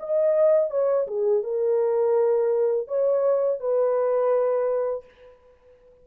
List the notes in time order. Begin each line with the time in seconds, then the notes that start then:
0.00 D#5
0.71 C#5
1.07 G#4
1.44 A#4
2.88 C#5
3.60 B4